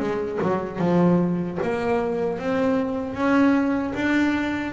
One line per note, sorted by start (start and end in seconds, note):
0.00 0.39 G#3
0.42 0.79 F#3
0.79 1.58 F3
1.63 2.39 A#3
2.39 3.15 C4
3.15 3.94 C#4
3.95 4.73 D4